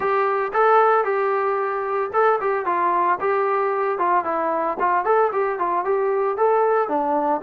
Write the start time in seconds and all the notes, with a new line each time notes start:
0.00 G4
0.53 A4
1.04 G4
2.13 A4
2.40 G4
2.65 F4
3.20 G4
3.98 F4
4.24 E4
4.79 F4
5.04 A4
5.32 G4
5.58 F4
5.84 G4
6.37 A4
6.88 D4